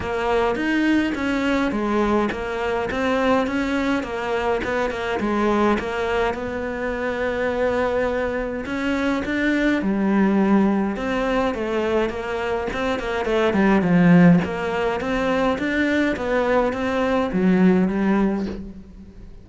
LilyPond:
\new Staff \with { instrumentName = "cello" } { \time 4/4 \tempo 4 = 104 ais4 dis'4 cis'4 gis4 | ais4 c'4 cis'4 ais4 | b8 ais8 gis4 ais4 b4~ | b2. cis'4 |
d'4 g2 c'4 | a4 ais4 c'8 ais8 a8 g8 | f4 ais4 c'4 d'4 | b4 c'4 fis4 g4 | }